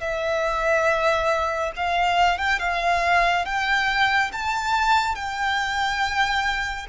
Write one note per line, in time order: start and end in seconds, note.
0.00 1.71 E5
1.76 2.38 F5
2.38 2.59 G5
2.59 3.45 F5
3.45 4.31 G5
4.32 5.15 A5
5.15 6.86 G5